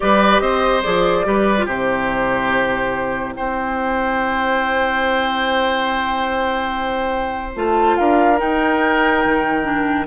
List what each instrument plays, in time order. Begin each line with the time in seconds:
0.00 bassoon G3, clarinet G4, oboe B4, flute D5
0.40 bassoon C4, oboe C5, flute D#5
0.82 bassoon F3, clarinet G#4, flute D5
1.24 bassoon G3, clarinet G4, oboe B4
1.57 clarinet F4
1.65 bassoon C3, clarinet E4, oboe G4, flute C5
3.33 bassoon C4, oboe C5, flute G5
7.55 bassoon A3, clarinet F4, flute A5
7.96 bassoon D4, oboe A#4, flute F5
8.37 clarinet D#4, bassoon D#4, flute G5
9.25 bassoon D#3
9.63 clarinet D4